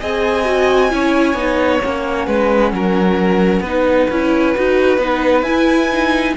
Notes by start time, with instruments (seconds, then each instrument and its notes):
0.00 cello C4, viola G#4, violin D#5 G#5
0.45 viola F#4
0.90 cello C#4, viola E4, violin C#5
1.34 cello B3, viola D#4
1.80 cello A#3, viola C#4, violin F#5
2.27 cello G#3, violin B4
2.72 cello F#3, violin A#4
3.60 cello B3, violin B4
3.66 viola D#4
4.10 cello C#4, viola E4
4.55 cello D#4, viola F#4
4.98 cello B3, viola D#4
5.42 cello E4, viola E4, violin G#5
5.92 viola D#4